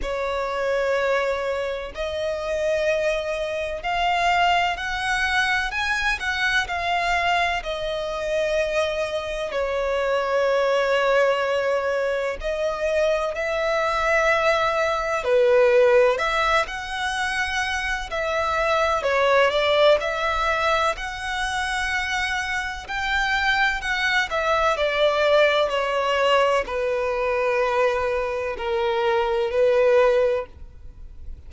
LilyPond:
\new Staff \with { instrumentName = "violin" } { \time 4/4 \tempo 4 = 63 cis''2 dis''2 | f''4 fis''4 gis''8 fis''8 f''4 | dis''2 cis''2~ | cis''4 dis''4 e''2 |
b'4 e''8 fis''4. e''4 | cis''8 d''8 e''4 fis''2 | g''4 fis''8 e''8 d''4 cis''4 | b'2 ais'4 b'4 | }